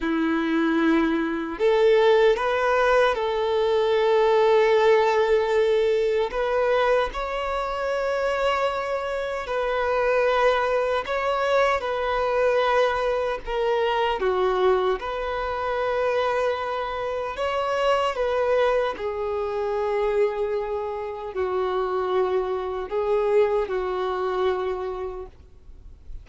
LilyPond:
\new Staff \with { instrumentName = "violin" } { \time 4/4 \tempo 4 = 76 e'2 a'4 b'4 | a'1 | b'4 cis''2. | b'2 cis''4 b'4~ |
b'4 ais'4 fis'4 b'4~ | b'2 cis''4 b'4 | gis'2. fis'4~ | fis'4 gis'4 fis'2 | }